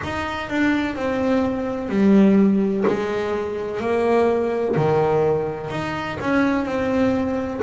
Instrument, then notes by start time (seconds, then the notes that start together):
double bass
0.03 D#4
0.49 D4
0.95 C4
1.89 G3
2.87 G#3
3.80 A#3
4.76 D#3
5.70 D#4
6.20 C#4
6.65 C4